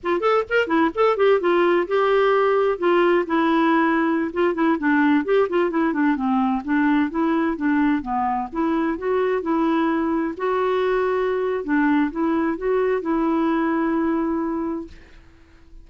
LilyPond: \new Staff \with { instrumentName = "clarinet" } { \time 4/4 \tempo 4 = 129 f'8 a'8 ais'8 e'8 a'8 g'8 f'4 | g'2 f'4 e'4~ | e'4~ e'16 f'8 e'8 d'4 g'8 f'16~ | f'16 e'8 d'8 c'4 d'4 e'8.~ |
e'16 d'4 b4 e'4 fis'8.~ | fis'16 e'2 fis'4.~ fis'16~ | fis'4 d'4 e'4 fis'4 | e'1 | }